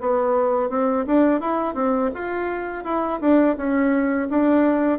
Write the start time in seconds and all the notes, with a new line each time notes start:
0.00 B3
0.69 C4
1.06 D4
1.40 E4
1.74 C4
2.14 F4
2.84 E4
3.20 D4
3.56 C#4
4.30 D4